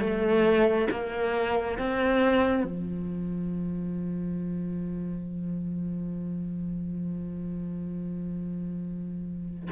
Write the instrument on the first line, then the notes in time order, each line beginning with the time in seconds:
cello
0.00 A3
0.91 A#3
1.79 C4
2.64 F3